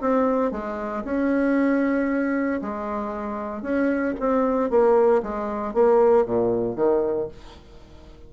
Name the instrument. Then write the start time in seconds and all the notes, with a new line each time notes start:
bassoon
0.00 C4
0.51 G#3
1.04 C#4
2.61 G#3
3.62 C#4
4.19 C4
4.70 A#3
5.22 G#3
5.73 A#3
6.25 A#2
6.75 D#3